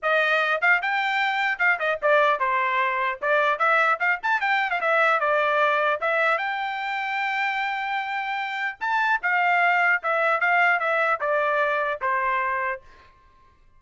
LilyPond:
\new Staff \with { instrumentName = "trumpet" } { \time 4/4 \tempo 4 = 150 dis''4. f''8 g''2 | f''8 dis''8 d''4 c''2 | d''4 e''4 f''8 a''8 g''8. f''16 | e''4 d''2 e''4 |
g''1~ | g''2 a''4 f''4~ | f''4 e''4 f''4 e''4 | d''2 c''2 | }